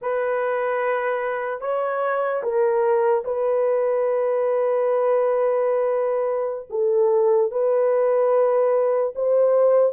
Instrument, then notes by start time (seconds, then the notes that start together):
horn
0.01 B4
1.60 C#5
2.42 A#4
3.24 B4
6.70 A4
7.51 B4
9.15 C5